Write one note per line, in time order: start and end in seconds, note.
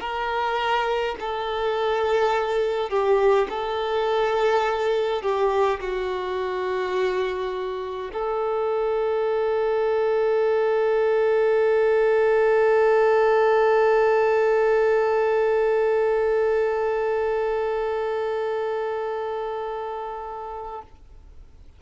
0.00 1.15 A#4
1.20 2.90 A4
2.90 3.47 G4
3.49 5.22 A4
5.22 5.80 G4
5.80 8.11 F#4
8.13 20.82 A4